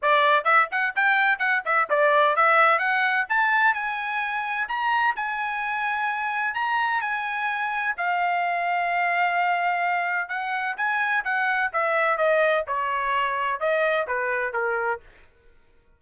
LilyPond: \new Staff \with { instrumentName = "trumpet" } { \time 4/4 \tempo 4 = 128 d''4 e''8 fis''8 g''4 fis''8 e''8 | d''4 e''4 fis''4 a''4 | gis''2 ais''4 gis''4~ | gis''2 ais''4 gis''4~ |
gis''4 f''2.~ | f''2 fis''4 gis''4 | fis''4 e''4 dis''4 cis''4~ | cis''4 dis''4 b'4 ais'4 | }